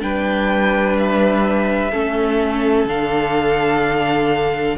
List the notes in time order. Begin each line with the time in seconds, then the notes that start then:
0.00 G3 D4 B4 G5
0.98 E5
1.91 A3 C#4 A4
2.85 D3 D4 F5